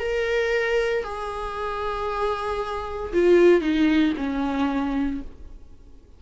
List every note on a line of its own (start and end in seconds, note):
0.00 1.04 A#4
1.04 3.13 G#4
3.14 3.61 F4
3.61 4.14 D#4
4.17 5.22 C#4